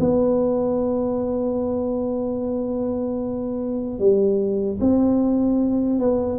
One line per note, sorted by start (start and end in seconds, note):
0.00 3.99 B3
3.99 4.79 G3
4.80 6.00 C4
6.00 6.39 B3